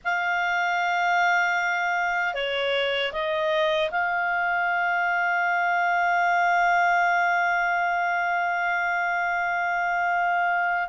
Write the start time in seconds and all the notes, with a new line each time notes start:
0.04 F5
2.34 C#5
3.12 D#5
3.90 F5